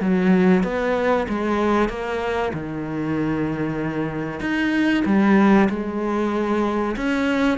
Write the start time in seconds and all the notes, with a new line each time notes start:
0.00 F#3
0.63 B3
1.28 G#3
1.89 A#3
2.53 D#3
4.40 D#4
5.05 G3
5.69 G#3
6.96 C#4